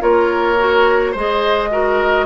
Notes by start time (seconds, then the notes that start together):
0.00 A#3 F4 A#4 C#5
0.59 F#4
1.12 G#3 G#4 C5 D#5
1.71 F#4 A#4